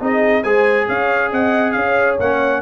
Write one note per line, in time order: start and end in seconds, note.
0.00 0.44 C4
0.00 0.43 D#4
0.00 0.43 G#4
0.00 0.43 D#5
0.43 0.87 G#3
0.43 2.19 G#4
0.43 0.87 C5
0.43 0.87 G#5
0.88 1.32 C#4
0.88 1.31 C#5
0.88 1.32 F5
1.31 1.75 C4
1.31 1.74 D#5
1.31 1.72 F#5
1.72 2.19 C#4
1.72 2.62 C#5
1.72 2.15 F5
2.19 2.62 A#3
2.19 2.62 C#4
2.19 2.62 F#5